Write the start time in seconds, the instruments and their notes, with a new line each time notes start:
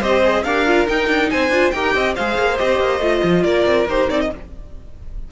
0.00 cello C4, viola G4, violin C5 D#5
0.24 viola G#4
0.44 cello D4, viola G4, violin A#4 F5
0.66 viola F4
0.87 viola D#4, cello D#4, violin G5
1.08 cello D4
1.30 cello C4, violin C5 G#5
1.50 cello D4, viola F4
1.71 cello D#4, viola G4, violin A#4 G5
1.95 cello C4, violin D#5
2.15 cello G#3, viola G#4, violin C5 F5
2.38 cello A#3
2.58 cello C4, viola G4, violin D#5
2.80 cello A#3
2.99 cello A3, viola F4
3.23 cello F3
3.43 cello A#3, violin A#4 D5
3.66 cello C4
3.88 cello D#4, viola G4, violin C5
4.09 cello C4, viola D#4, violin D5
4.21 violin D#5